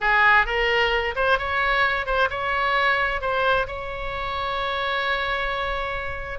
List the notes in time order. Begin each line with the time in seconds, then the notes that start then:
0.00 G#4
0.46 A#4
1.15 C5
1.38 C#5
2.05 C5
2.29 C#5
3.21 C5
3.67 C#5